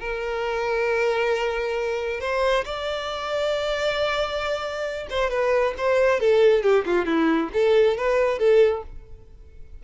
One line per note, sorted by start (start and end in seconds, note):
0.00 2.20 A#4
2.20 2.64 C5
2.65 5.07 D5
5.10 5.30 C5
5.30 5.74 B4
5.78 6.20 C5
6.20 6.63 A4
6.63 6.85 G4
6.86 7.05 F4
7.05 7.50 E4
7.53 7.97 A4
7.97 8.39 B4
8.39 8.83 A4